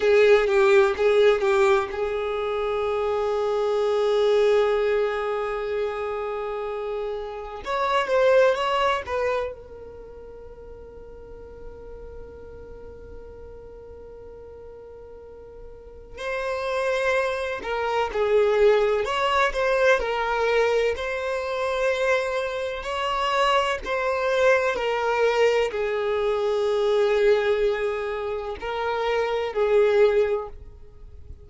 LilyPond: \new Staff \with { instrumentName = "violin" } { \time 4/4 \tempo 4 = 63 gis'8 g'8 gis'8 g'8 gis'2~ | gis'1 | cis''8 c''8 cis''8 b'8 ais'2~ | ais'1~ |
ais'4 c''4. ais'8 gis'4 | cis''8 c''8 ais'4 c''2 | cis''4 c''4 ais'4 gis'4~ | gis'2 ais'4 gis'4 | }